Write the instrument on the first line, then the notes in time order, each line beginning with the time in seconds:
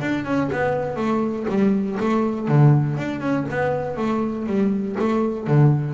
double bass
0.00 D4
0.25 C#4
0.52 B3
0.96 A3
1.48 G3
2.00 A3
2.48 D3
2.97 D4
3.20 C#4
3.50 B3
3.96 A3
4.46 G3
4.99 A3
5.47 D3